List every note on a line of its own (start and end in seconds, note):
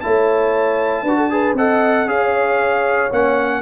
0.00 1.02 A3
0.00 1.06 E4
0.00 1.02 C#5
0.00 1.55 A5
1.02 1.53 D4
1.02 1.30 F#4
1.02 1.15 B4
1.17 1.30 A4
1.30 1.56 G#4
1.30 1.57 B4
1.53 2.05 C4
1.53 2.06 A4
1.53 2.09 D#5
1.53 2.08 F#5
2.05 3.09 C#4
2.05 3.09 G#4
2.05 3.62 C#5
2.05 3.12 F5
3.11 3.62 A#3
3.11 3.62 C#4
3.11 3.62 F#5